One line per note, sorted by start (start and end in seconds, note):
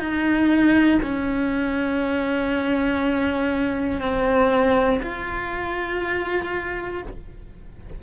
0.00 1.00 D#4
1.03 4.01 C#4
4.01 5.01 C4
5.03 7.03 F4